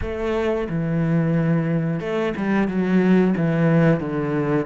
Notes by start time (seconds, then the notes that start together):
0.01 A3
0.68 E3
1.99 A3
2.36 G3
2.68 F#3
3.36 E3
3.99 D3